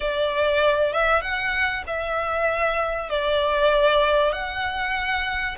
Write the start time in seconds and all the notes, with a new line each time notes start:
0.00 D5
0.92 E5
1.21 F#5
1.86 E5
3.09 D5
4.32 F#5